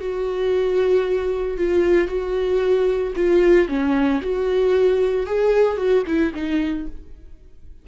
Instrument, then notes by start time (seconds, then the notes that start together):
viola
0.00 F#4
1.58 F4
2.08 F#4
3.16 F4
3.69 C#4
4.22 F#4
5.27 G#4
5.77 F#4
6.07 E4
6.34 D#4